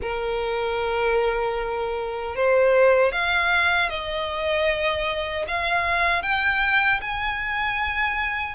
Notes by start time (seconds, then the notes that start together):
0.01 A#4
2.36 C5
3.12 F5
3.89 D#5
5.47 F5
6.22 G5
7.01 G#5